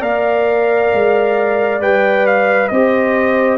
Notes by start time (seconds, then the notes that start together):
0.00 A#3 A#4 D5 F5
0.94 G#3
1.81 G3 B4 G5
2.27 F5
2.68 C4 G4 C5 D#5